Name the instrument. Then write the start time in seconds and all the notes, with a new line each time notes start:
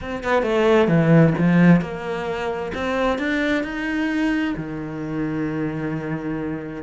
cello
0.01 C4
0.23 B3
0.42 A3
0.88 E3
1.37 F3
1.81 A#3
2.74 C4
3.18 D4
3.63 D#4
4.56 D#3